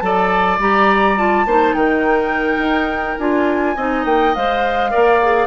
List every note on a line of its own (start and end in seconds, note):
0.00 0.59 F#3
0.00 0.60 A4
0.00 1.47 D5
0.00 0.58 A5
0.59 1.46 G3
0.59 1.17 G4
0.59 1.19 A#5
1.17 1.46 F4
1.17 1.74 A5
1.46 1.75 A#3
1.46 3.19 D#4
1.46 1.76 C5
1.74 2.58 D#3
1.74 3.76 A#4
1.74 3.18 G5
2.58 3.16 D#4
3.19 3.77 D4
3.19 3.77 F4
3.19 4.05 G#5
3.76 4.05 C4
3.76 4.36 D#4
3.76 4.91 D#5
4.06 4.34 A#3
4.06 4.35 G5
4.35 4.94 G#3
4.35 4.91 C5
4.35 5.47 F5
4.91 5.47 A#3
4.91 5.20 A#4
4.91 5.47 D5
5.23 5.47 G#4